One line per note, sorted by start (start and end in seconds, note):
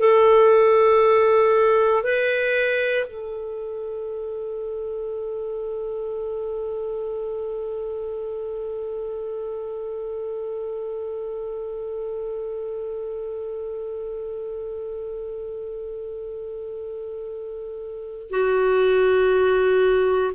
0.00 2.03 A4
2.03 3.05 B4
3.07 18.31 A4
18.31 20.34 F#4